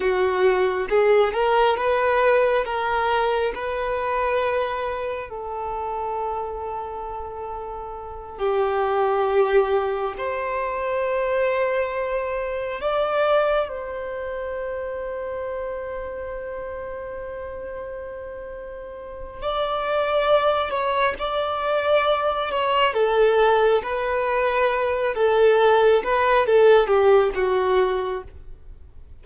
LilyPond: \new Staff \with { instrumentName = "violin" } { \time 4/4 \tempo 4 = 68 fis'4 gis'8 ais'8 b'4 ais'4 | b'2 a'2~ | a'4. g'2 c''8~ | c''2~ c''8 d''4 c''8~ |
c''1~ | c''2 d''4. cis''8 | d''4. cis''8 a'4 b'4~ | b'8 a'4 b'8 a'8 g'8 fis'4 | }